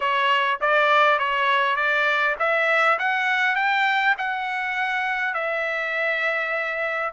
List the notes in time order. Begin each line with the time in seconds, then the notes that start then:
0.00 C#5
0.60 D5
1.19 C#5
1.76 D5
2.39 E5
2.98 F#5
3.55 G5
4.18 F#5
5.34 E5